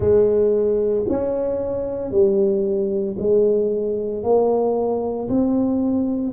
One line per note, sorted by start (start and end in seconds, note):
0.00 1.05 G#3
1.08 2.11 C#4
2.11 3.16 G3
3.18 4.23 G#3
4.23 5.28 A#3
5.28 6.33 C4